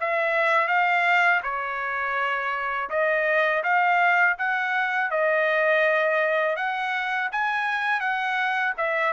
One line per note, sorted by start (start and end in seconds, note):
0.00 0.68 E5
0.68 1.41 F5
1.43 2.89 C#5
2.89 3.63 D#5
3.63 4.36 F5
4.38 5.10 F#5
5.10 6.56 D#5
6.56 7.29 F#5
7.31 8.00 G#5
8.00 8.73 F#5
8.77 9.13 E5